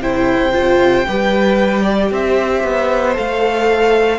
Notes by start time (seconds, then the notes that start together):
0.00 C3 E4 C5 G5
0.52 F4
1.08 G3 G4 B4
1.82 D5
2.11 C4 C5 E5
2.64 B3
3.14 A3 A4 F5